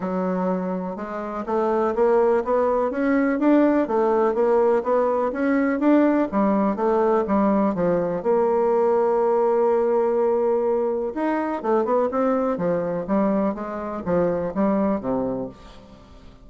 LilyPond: \new Staff \with { instrumentName = "bassoon" } { \time 4/4 \tempo 4 = 124 fis2 gis4 a4 | ais4 b4 cis'4 d'4 | a4 ais4 b4 cis'4 | d'4 g4 a4 g4 |
f4 ais2.~ | ais2. dis'4 | a8 b8 c'4 f4 g4 | gis4 f4 g4 c4 | }